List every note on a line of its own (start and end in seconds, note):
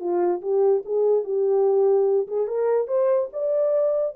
0.00 0.41 F4
0.42 0.83 G4
0.85 1.24 G#4
1.24 2.27 G4
2.28 2.48 G#4
2.48 2.88 A#4
2.88 3.29 C5
3.33 4.16 D5